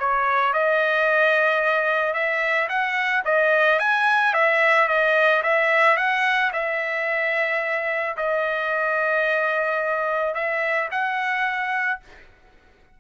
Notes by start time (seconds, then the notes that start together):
0.00 C#5
0.54 D#5
2.14 E5
2.69 F#5
3.25 D#5
3.80 G#5
4.34 E5
4.88 D#5
5.43 E5
5.97 F#5
6.53 E5
8.17 D#5
10.35 E5
10.91 F#5